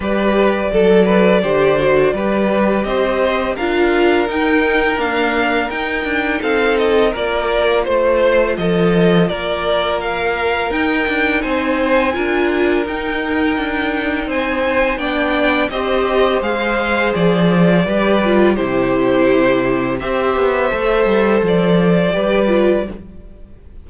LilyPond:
<<
  \new Staff \with { instrumentName = "violin" } { \time 4/4 \tempo 4 = 84 d''1 | dis''4 f''4 g''4 f''4 | g''4 f''8 dis''8 d''4 c''4 | dis''4 d''4 f''4 g''4 |
gis''2 g''2 | gis''4 g''4 dis''4 f''4 | d''2 c''2 | e''2 d''2 | }
  \new Staff \with { instrumentName = "violin" } { \time 4/4 b'4 a'8 b'8 c''4 b'4 | c''4 ais'2.~ | ais'4 a'4 ais'4 c''4 | a'4 ais'2. |
c''4 ais'2. | c''4 d''4 c''2~ | c''4 b'4 g'2 | c''2. b'4 | }
  \new Staff \with { instrumentName = "viola" } { \time 4/4 g'4 a'4 g'8 fis'8 g'4~ | g'4 f'4 dis'4 ais4 | dis'2 f'2~ | f'2. dis'4~ |
dis'4 f'4 dis'2~ | dis'4 d'4 g'4 gis'4~ | gis'4 g'8 f'8 e'2 | g'4 a'2 g'8 f'8 | }
  \new Staff \with { instrumentName = "cello" } { \time 4/4 g4 fis4 d4 g4 | c'4 d'4 dis'4 d'4 | dis'8 d'8 c'4 ais4 a4 | f4 ais2 dis'8 d'8 |
c'4 d'4 dis'4 d'4 | c'4 b4 c'4 gis4 | f4 g4 c2 | c'8 b8 a8 g8 f4 g4 | }
>>